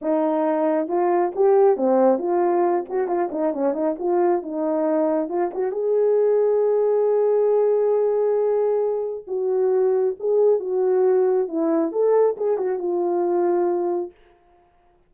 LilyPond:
\new Staff \with { instrumentName = "horn" } { \time 4/4 \tempo 4 = 136 dis'2 f'4 g'4 | c'4 f'4. fis'8 f'8 dis'8 | cis'8 dis'8 f'4 dis'2 | f'8 fis'8 gis'2.~ |
gis'1~ | gis'4 fis'2 gis'4 | fis'2 e'4 a'4 | gis'8 fis'8 f'2. | }